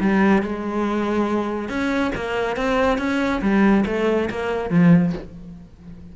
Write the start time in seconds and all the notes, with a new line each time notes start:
0.00 G3
0.42 G#3
1.69 C#4
2.15 A#3
2.56 C4
2.98 C#4
3.41 G3
3.86 A3
4.30 A#3
4.70 F3